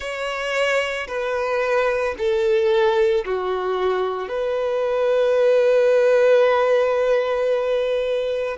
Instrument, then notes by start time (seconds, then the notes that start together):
violin
0.00 C#5
1.07 B4
2.17 A4
3.25 F#4
4.28 B4